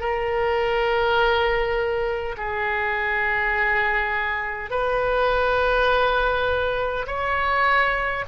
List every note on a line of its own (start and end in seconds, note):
0.00 2.35 A#4
2.37 4.71 G#4
4.71 7.06 B4
7.07 8.25 C#5